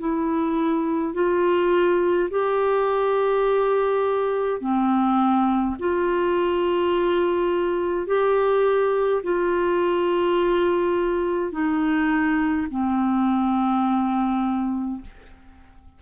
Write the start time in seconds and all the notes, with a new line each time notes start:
0.00 E4
1.14 F4
2.31 G4
4.61 C4
5.80 F4
8.07 G4
9.24 F4
11.52 D#4
12.71 C4